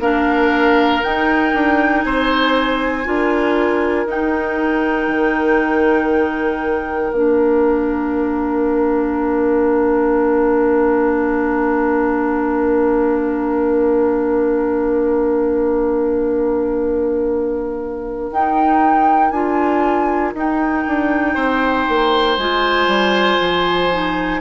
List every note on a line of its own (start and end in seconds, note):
0.00 1.02 A#3
0.00 1.03 D4
0.00 2.05 A#4
0.00 1.03 F5
1.03 3.05 D#4
1.03 1.54 D#4
1.03 2.02 G5
1.54 2.04 D4
2.02 3.06 C4
2.02 3.08 C5
2.02 4.06 G#5
3.05 4.06 D4
3.05 4.06 F4
3.05 21.35 A#4
4.06 5.08 D#4
4.06 7.13 D#4
4.06 7.13 G5
5.08 7.11 D#3
7.12 18.31 A#3
7.12 18.32 D4
7.12 18.32 F5
18.32 19.31 D#4
18.32 19.33 D#4
18.32 19.31 G5
19.31 20.33 D4
19.31 20.35 F4
19.31 20.32 G#5
20.35 20.85 D#4
20.35 22.38 D#4
20.35 22.37 G5
20.87 21.36 D4
21.35 21.86 C4
21.35 24.40 C5
21.89 22.37 A#3
22.37 22.88 G#3
22.37 23.92 F4
22.37 24.41 G#5
22.88 23.39 G3
23.40 24.42 F3
23.92 24.42 D#4